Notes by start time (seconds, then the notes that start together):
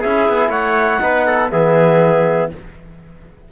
0.00 C#4 E4 G#4 E5
0.29 B3
0.48 A3 C#5 F#5
1.00 B3 D#4 B4
1.26 A4
1.50 E3 B3 G#4 E5